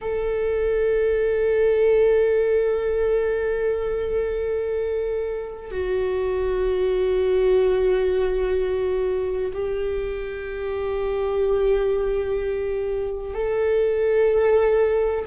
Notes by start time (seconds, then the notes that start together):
0.01 A4
5.71 F#4
9.53 G4
13.34 A4